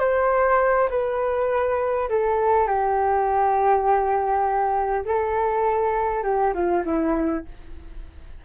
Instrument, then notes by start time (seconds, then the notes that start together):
flute
0.00 C5
0.90 B4
2.10 A4
2.67 G4
5.05 A4
6.23 G4
6.54 F4
6.86 E4